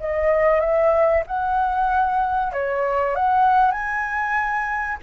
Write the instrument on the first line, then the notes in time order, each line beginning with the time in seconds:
flute
0.00 D#5
0.60 E5
1.27 F#5
2.53 C#5
3.16 F#5
3.71 G#5